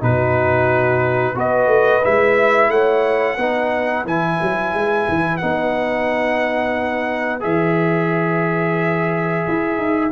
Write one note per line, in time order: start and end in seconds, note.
0.00 1.36 B2
0.00 1.34 D#4
0.00 1.34 F#4
0.00 1.37 B4
1.34 1.66 B3
1.34 2.02 F#4
1.34 2.69 B4
1.34 2.04 D#5
1.66 2.00 A3
2.03 2.68 G#3
2.03 3.37 E4
2.03 2.70 E5
2.68 3.36 A3
2.68 3.37 C#5
2.68 4.05 F#5
3.37 4.04 B3
3.37 4.05 D#4
3.37 10.11 B4
4.04 4.38 E3
4.04 5.40 E4
4.04 5.37 G#5
4.41 4.73 F#3
4.73 5.07 G#3
5.08 5.41 E3
5.37 7.44 B3
5.37 7.40 D#4
5.37 7.39 F#5
7.40 9.46 E3
7.40 10.10 G#4
7.40 10.12 E5
9.48 9.77 E4
9.77 10.11 D#4